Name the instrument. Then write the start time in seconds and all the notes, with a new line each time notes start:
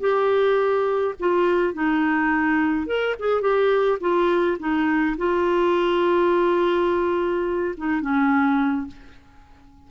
clarinet
0.00 G4
1.19 F4
1.74 D#4
2.86 A#4
3.19 G#4
3.41 G4
4.00 F4
4.59 D#4
5.18 F4
7.77 D#4
8.01 C#4